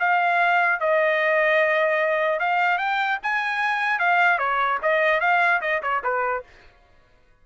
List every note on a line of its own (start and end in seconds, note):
0.00 0.81 F5
0.81 2.40 D#5
2.40 2.78 F5
2.78 3.19 G5
3.23 4.00 G#5
4.00 4.39 F5
4.39 4.79 C#5
4.83 5.21 D#5
5.21 5.61 F5
5.62 5.82 D#5
5.83 6.03 C#5
6.04 6.44 B4